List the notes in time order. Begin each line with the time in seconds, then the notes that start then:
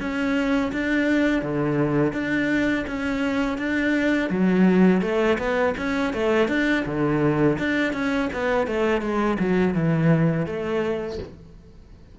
0.00 C#4
0.72 D4
1.43 D3
2.13 D4
2.87 C#4
3.58 D4
4.30 F#3
5.02 A3
5.39 B3
5.78 C#4
6.14 A3
6.49 D4
6.85 D3
7.59 D4
7.94 C#4
8.33 B3
8.67 A3
9.02 G#3
9.39 F#3
9.74 E3
10.47 A3